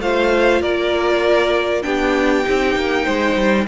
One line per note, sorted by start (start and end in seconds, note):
0.00 0.61 A3
0.00 1.83 F4
0.00 0.61 C5
0.00 0.62 F5
0.61 1.84 A#3
0.61 1.84 A#4
0.61 1.83 D5
1.83 2.46 B3
1.83 2.43 D4
1.83 3.04 G4
1.83 3.66 G5
2.43 2.76 C4
2.43 3.66 D#4
2.76 3.06 A#3
3.04 3.36 G#3
3.04 3.65 C5
3.36 3.66 G3